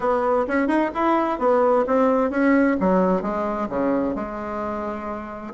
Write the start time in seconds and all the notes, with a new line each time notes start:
0.00 B3
0.47 C#4
0.67 D#4
0.94 E4
1.38 B3
1.86 C4
2.30 C#4
2.80 F#3
3.22 G#3
3.69 C#3
4.15 G#3